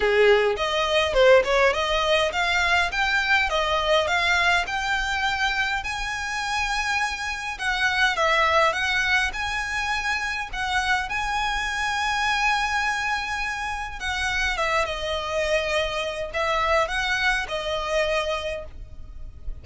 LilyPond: \new Staff \with { instrumentName = "violin" } { \time 4/4 \tempo 4 = 103 gis'4 dis''4 c''8 cis''8 dis''4 | f''4 g''4 dis''4 f''4 | g''2 gis''2~ | gis''4 fis''4 e''4 fis''4 |
gis''2 fis''4 gis''4~ | gis''1 | fis''4 e''8 dis''2~ dis''8 | e''4 fis''4 dis''2 | }